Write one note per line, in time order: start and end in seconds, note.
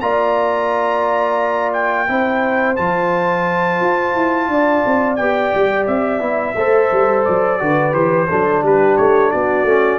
0.00 2.08 A#3
0.00 2.07 F4
0.00 2.10 D5
0.00 1.72 A#5
1.73 2.76 G5
2.07 2.77 C4
2.07 2.76 E4
2.07 4.51 C5
2.76 3.80 F3
2.76 5.18 F4
2.76 5.16 A5
3.80 4.14 F4
4.14 4.48 E4
4.48 4.82 D4
4.48 6.57 D5
4.85 5.19 C4
5.16 5.53 B3
5.16 6.19 G4
5.16 5.85 G5
5.54 5.87 G3
5.86 6.20 C4
5.86 7.24 E5
6.19 6.54 B3
6.19 6.54 E4
6.55 6.89 A3
6.55 7.59 A4
6.55 7.60 C5
6.91 7.26 G3
7.24 7.61 F#3
7.24 7.93 D5
7.59 7.93 D3
7.59 7.92 F#4
7.59 8.29 B4
7.92 8.28 E3
7.92 8.26 G4
7.92 8.63 C5
8.29 8.62 F#3
8.29 9.66 D4
8.29 8.63 A4
8.62 8.97 G3
8.62 9.31 G4
8.62 8.96 B4
8.96 9.33 A3
8.96 9.31 C#5
9.31 9.63 B3
9.31 9.99 F#4
9.31 9.99 D5
9.63 9.98 A3
9.63 9.99 C#4